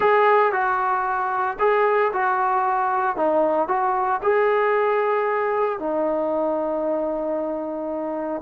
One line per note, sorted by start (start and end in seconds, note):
0.00 0.52 G#4
0.52 1.57 F#4
1.59 2.12 G#4
2.12 3.16 F#4
3.16 3.68 D#4
3.68 4.20 F#4
4.22 5.79 G#4
5.79 8.41 D#4